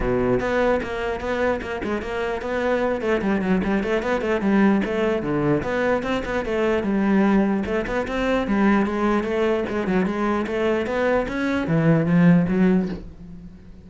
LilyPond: \new Staff \with { instrumentName = "cello" } { \time 4/4 \tempo 4 = 149 b,4 b4 ais4 b4 | ais8 gis8 ais4 b4. a8 | g8 fis8 g8 a8 b8 a8 g4 | a4 d4 b4 c'8 b8 |
a4 g2 a8 b8 | c'4 g4 gis4 a4 | gis8 fis8 gis4 a4 b4 | cis'4 e4 f4 fis4 | }